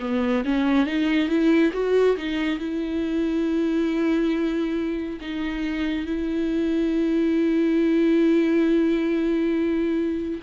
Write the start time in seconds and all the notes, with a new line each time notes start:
0.00 B3
0.45 C#4
0.86 D#4
1.28 E4
1.73 F#4
2.17 D#4
2.58 E4
5.21 D#4
6.06 E4